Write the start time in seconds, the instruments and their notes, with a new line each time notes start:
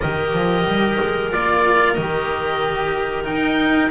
0.00 double bass D#3, cello G4, clarinet A#4, oboe D#5
0.33 double bass F3
0.65 double bass G3
1.01 double bass G#3
1.31 double bass A#3, cello F4, oboe D5
1.93 double bass D#3, cello G4, oboe D#5
3.24 cello D#4, oboe G5
3.30 double bass D#4